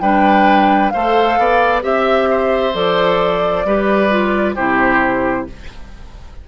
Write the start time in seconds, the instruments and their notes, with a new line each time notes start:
0.00 bassoon G3, clarinet D4, oboe B4, flute G5
0.90 bassoon A3, clarinet A4, oboe C5, flute F5
1.39 bassoon B3, oboe D5
1.82 bassoon C4, clarinet G4, oboe E5, flute E5
2.30 oboe C5
2.74 bassoon F3, clarinet A4, flute D5
3.65 bassoon G3, clarinet G4, oboe B4
4.10 clarinet F4
4.55 bassoon C3, clarinet E4, oboe G4, flute C5